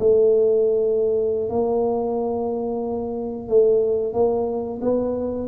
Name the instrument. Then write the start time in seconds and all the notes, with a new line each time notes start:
tuba
0.00 A3
1.50 A#3
3.49 A3
4.14 A#3
4.82 B3